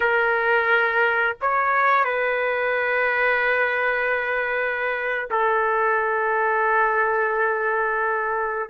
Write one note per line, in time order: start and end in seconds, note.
0.00 1.36 A#4
1.41 2.04 C#5
2.04 5.28 B4
5.30 8.69 A4